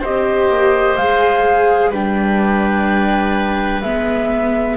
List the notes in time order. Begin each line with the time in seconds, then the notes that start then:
0.00 C4 G4 C5 D#5
0.48 A#3
0.96 G#3 G#4 F5
1.90 G3 D4 B4 G5
3.82 G#3 B3 E5